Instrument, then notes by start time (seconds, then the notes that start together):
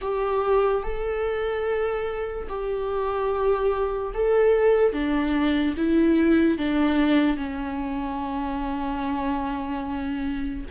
viola
0.01 G4
0.83 A4
2.48 G4
4.14 A4
4.92 D4
5.76 E4
6.58 D4
7.36 C#4